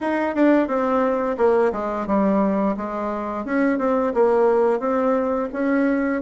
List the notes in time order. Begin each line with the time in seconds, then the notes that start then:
0.00 D#4
0.35 D4
0.67 C4
1.37 A#3
1.72 G#3
2.06 G3
2.76 G#3
3.45 C#4
3.78 C4
4.14 A#3
4.79 C4
5.52 C#4